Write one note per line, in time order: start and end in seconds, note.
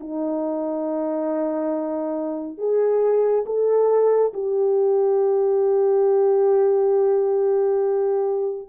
0.00 2.58 D#4
2.58 3.45 G#4
3.45 4.32 A4
4.33 8.68 G4